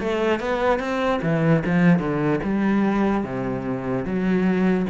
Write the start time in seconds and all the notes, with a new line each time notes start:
0.00 A3
0.40 B3
0.80 C4
1.23 E3
1.66 F3
1.99 D3
2.44 G3
3.24 C3
4.05 F#3